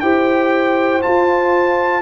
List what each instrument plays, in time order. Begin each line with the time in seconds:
0.00 tuba E4, trombone G4, horn C5, trumpet G5
1.02 trombone F4, tuba F4, trumpet A5